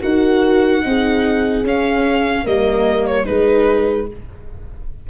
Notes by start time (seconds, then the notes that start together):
0.00 D#4 F#4 A#4 F#5
0.82 C4 D#4 G#4
1.63 C#4 F5
2.43 G3 A#3 A#4 D#5
3.06 C#5
3.25 G#3 D#4 G#4 B4